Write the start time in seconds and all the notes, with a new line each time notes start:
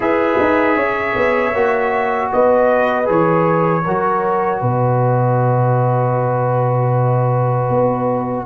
0.00 E4 G#4 B4 E5
0.39 D#4
0.75 C#4 C#5
1.15 B3
1.53 A#3 F#4
2.32 B3 B4 D#5
3.05 E3 G#4 C#5
3.84 F#3 F#4 A#4
4.60 B2 B4 D#5
7.69 B3